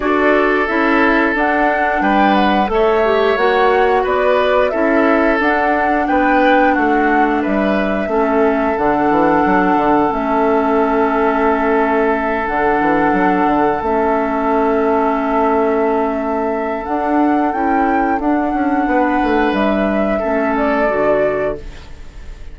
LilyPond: <<
  \new Staff \with { instrumentName = "flute" } { \time 4/4 \tempo 4 = 89 d''4 e''4 fis''4 g''8 fis''8 | e''4 fis''4 d''4 e''4 | fis''4 g''4 fis''4 e''4~ | e''4 fis''2 e''4~ |
e''2~ e''8 fis''4.~ | fis''8 e''2.~ e''8~ | e''4 fis''4 g''4 fis''4~ | fis''4 e''4. d''4. | }
  \new Staff \with { instrumentName = "oboe" } { \time 4/4 a'2. b'4 | cis''2 b'4 a'4~ | a'4 b'4 fis'4 b'4 | a'1~ |
a'1~ | a'1~ | a'1 | b'2 a'2 | }
  \new Staff \with { instrumentName = "clarinet" } { \time 4/4 fis'4 e'4 d'2 | a'8 g'8 fis'2 e'4 | d'1 | cis'4 d'2 cis'4~ |
cis'2~ cis'8 d'4.~ | d'8 cis'2.~ cis'8~ | cis'4 d'4 e'4 d'4~ | d'2 cis'4 fis'4 | }
  \new Staff \with { instrumentName = "bassoon" } { \time 4/4 d'4 cis'4 d'4 g4 | a4 ais4 b4 cis'4 | d'4 b4 a4 g4 | a4 d8 e8 fis8 d8 a4~ |
a2~ a8 d8 e8 fis8 | d8 a2.~ a8~ | a4 d'4 cis'4 d'8 cis'8 | b8 a8 g4 a4 d4 | }
>>